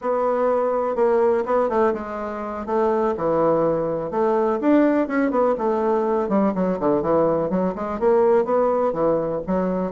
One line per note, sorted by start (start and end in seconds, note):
0.01 0.95 B3
0.95 1.44 A#3
1.45 1.69 B3
1.69 1.93 A3
1.93 2.65 G#3
2.65 3.14 A3
3.17 4.10 E3
4.10 4.59 A3
4.60 5.07 D4
5.07 5.30 C#4
5.30 5.54 B3
5.58 6.29 A3
6.29 6.53 G3
6.54 6.79 F#3
6.79 7.01 D3
7.01 7.50 E3
7.50 7.74 F#3
7.75 7.99 G#3
7.99 8.45 A#3
8.45 8.93 B3
8.93 9.41 E3
9.46 9.91 F#3